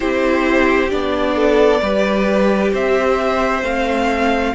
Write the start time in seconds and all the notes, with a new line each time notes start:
0.00 C4 E4 G4 C5
0.90 B3 D4 D5
1.35 A4
1.81 G3 G4 B4
2.72 C4 C5 E5
3.62 A3 C4 F5